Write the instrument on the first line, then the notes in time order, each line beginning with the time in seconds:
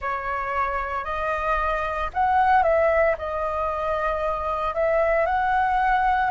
flute
0.01 C#5
1.04 D#5
2.13 F#5
2.63 E5
3.18 D#5
4.74 E5
5.25 F#5